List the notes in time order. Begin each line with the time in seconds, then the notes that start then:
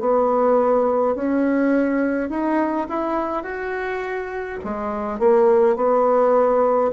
0.00 B3
1.15 C#4
2.30 D#4
2.88 E4
3.43 F#4
4.64 G#3
5.19 A#3
5.76 B3